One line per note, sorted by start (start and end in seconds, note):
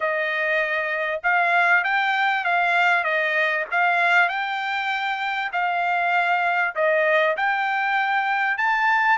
0.00 1.21 D#5
1.23 1.84 F5
1.84 2.44 G5
2.44 3.04 F5
3.04 3.65 D#5
3.71 4.29 F5
4.29 5.51 G5
5.52 6.75 F5
6.75 7.36 D#5
7.36 8.57 G5
8.57 9.18 A5